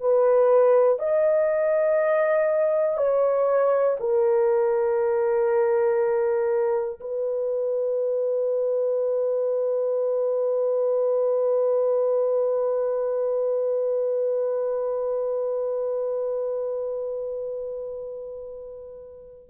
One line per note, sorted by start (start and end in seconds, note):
0.00 0.99 B4
0.99 2.97 D#5
2.97 3.97 C#5
3.99 6.99 A#4
7.00 19.49 B4